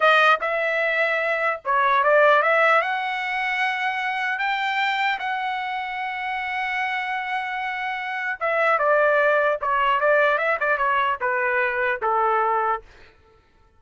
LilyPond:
\new Staff \with { instrumentName = "trumpet" } { \time 4/4 \tempo 4 = 150 dis''4 e''2. | cis''4 d''4 e''4 fis''4~ | fis''2. g''4~ | g''4 fis''2.~ |
fis''1~ | fis''4 e''4 d''2 | cis''4 d''4 e''8 d''8 cis''4 | b'2 a'2 | }